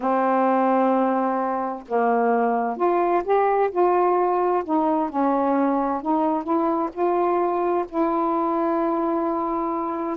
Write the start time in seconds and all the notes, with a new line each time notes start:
0.00 C4
1.88 A#3
2.76 F4
3.23 G4
3.71 F4
4.64 D#4
5.09 C#4
6.02 D#4
6.43 E4
6.93 F4
7.88 E4